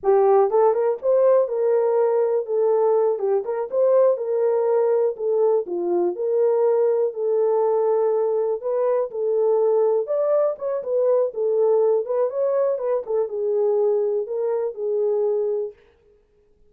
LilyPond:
\new Staff \with { instrumentName = "horn" } { \time 4/4 \tempo 4 = 122 g'4 a'8 ais'8 c''4 ais'4~ | ais'4 a'4. g'8 ais'8 c''8~ | c''8 ais'2 a'4 f'8~ | f'8 ais'2 a'4.~ |
a'4. b'4 a'4.~ | a'8 d''4 cis''8 b'4 a'4~ | a'8 b'8 cis''4 b'8 a'8 gis'4~ | gis'4 ais'4 gis'2 | }